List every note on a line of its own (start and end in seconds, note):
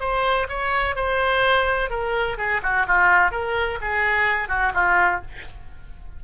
0.00 0.47 C5
0.49 0.95 C#5
0.95 1.90 C5
1.90 2.37 A#4
2.38 2.61 G#4
2.62 2.86 F#4
2.87 3.31 F4
3.31 3.78 A#4
3.81 4.48 G#4
4.48 4.72 F#4
4.74 5.21 F4